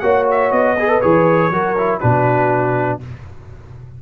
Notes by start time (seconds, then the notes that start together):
0.00 A#3 F#4 C#5 F#5
0.30 E5
0.51 B3 D#5
0.78 G#4 B4
0.89 A4
1.01 E3 G#4 C#5
1.50 F#3 F#4 A#4
1.77 E4
1.99 B2 D4 F#4 B4